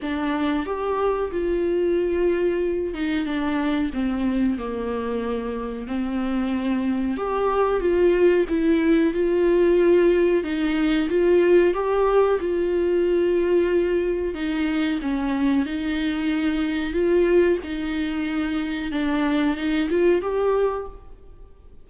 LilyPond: \new Staff \with { instrumentName = "viola" } { \time 4/4 \tempo 4 = 92 d'4 g'4 f'2~ | f'8 dis'8 d'4 c'4 ais4~ | ais4 c'2 g'4 | f'4 e'4 f'2 |
dis'4 f'4 g'4 f'4~ | f'2 dis'4 cis'4 | dis'2 f'4 dis'4~ | dis'4 d'4 dis'8 f'8 g'4 | }